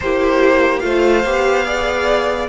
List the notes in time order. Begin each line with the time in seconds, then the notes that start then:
0.00 A#3 E4 G4 C5
0.79 A3 F4 C5 F5
1.24 B3 G4
1.65 G#4 D5